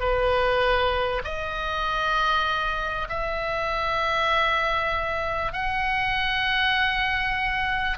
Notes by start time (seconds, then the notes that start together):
0.00 B4
1.24 D#5
3.09 E5
5.53 F#5